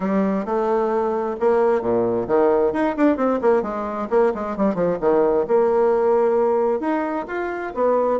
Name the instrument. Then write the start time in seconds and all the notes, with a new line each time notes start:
bassoon
0.00 G3
0.45 A3
1.39 A#3
1.81 A#2
2.27 D#3
2.73 D#4
2.96 D4
3.17 C4
3.41 A#3
3.62 G#3
4.10 A#3
4.34 G#3
4.56 G3
4.74 F3
5.00 D#3
5.47 A#3
6.80 D#4
7.27 F4
7.74 B3